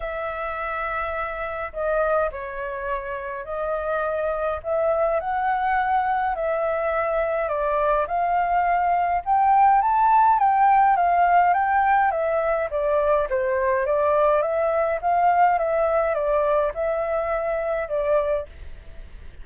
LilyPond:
\new Staff \with { instrumentName = "flute" } { \time 4/4 \tempo 4 = 104 e''2. dis''4 | cis''2 dis''2 | e''4 fis''2 e''4~ | e''4 d''4 f''2 |
g''4 a''4 g''4 f''4 | g''4 e''4 d''4 c''4 | d''4 e''4 f''4 e''4 | d''4 e''2 d''4 | }